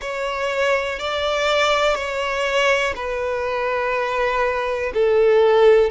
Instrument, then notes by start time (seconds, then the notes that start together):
violin
0.00 C#5
0.99 D5
1.95 C#5
2.95 B4
4.94 A4